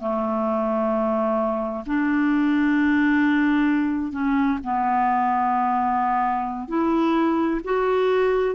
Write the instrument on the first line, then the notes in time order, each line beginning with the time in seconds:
clarinet
0.00 A3
1.86 D4
4.12 C#4
4.64 B3
6.68 E4
7.64 F#4